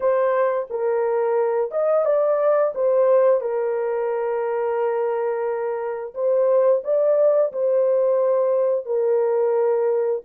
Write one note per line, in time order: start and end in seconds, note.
0.00 0.67 C5
0.69 1.71 A#4
1.71 2.05 D#5
2.05 2.73 D5
2.74 3.41 C5
3.41 6.13 A#4
6.14 6.82 C5
6.84 7.52 D5
7.52 8.85 C5
8.85 10.21 A#4